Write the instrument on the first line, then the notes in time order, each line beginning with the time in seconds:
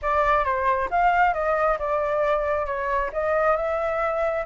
flute
0.02 D5
0.44 C5
0.90 F5
1.33 D#5
1.79 D5
2.66 C#5
3.12 D#5
3.56 E5